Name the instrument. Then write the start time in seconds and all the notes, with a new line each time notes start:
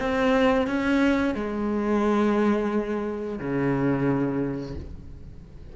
cello
0.00 C4
0.67 C#4
1.35 G#3
3.39 C#3